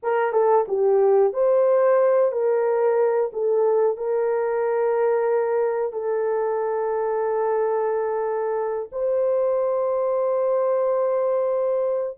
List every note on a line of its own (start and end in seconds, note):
0.02 0.32 A#4
0.32 0.65 A4
0.68 1.33 G4
1.33 2.31 C5
2.31 3.30 A#4
3.33 3.97 A4
3.97 5.92 A#4
5.92 8.89 A4
8.92 12.17 C5